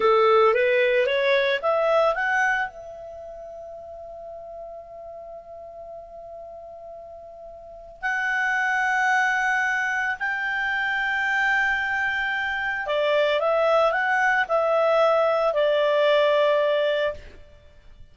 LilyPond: \new Staff \with { instrumentName = "clarinet" } { \time 4/4 \tempo 4 = 112 a'4 b'4 cis''4 e''4 | fis''4 e''2.~ | e''1~ | e''2. fis''4~ |
fis''2. g''4~ | g''1 | d''4 e''4 fis''4 e''4~ | e''4 d''2. | }